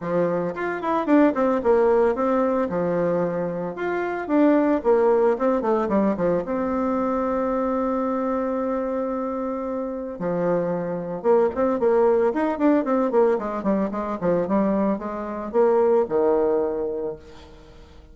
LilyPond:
\new Staff \with { instrumentName = "bassoon" } { \time 4/4 \tempo 4 = 112 f4 f'8 e'8 d'8 c'8 ais4 | c'4 f2 f'4 | d'4 ais4 c'8 a8 g8 f8 | c'1~ |
c'2. f4~ | f4 ais8 c'8 ais4 dis'8 d'8 | c'8 ais8 gis8 g8 gis8 f8 g4 | gis4 ais4 dis2 | }